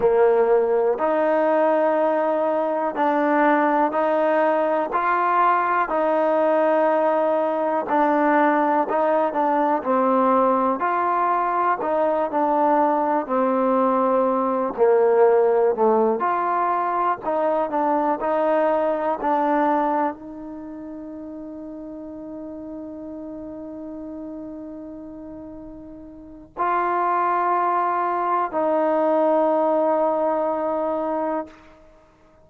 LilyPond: \new Staff \with { instrumentName = "trombone" } { \time 4/4 \tempo 4 = 61 ais4 dis'2 d'4 | dis'4 f'4 dis'2 | d'4 dis'8 d'8 c'4 f'4 | dis'8 d'4 c'4. ais4 |
a8 f'4 dis'8 d'8 dis'4 d'8~ | d'8 dis'2.~ dis'8~ | dis'2. f'4~ | f'4 dis'2. | }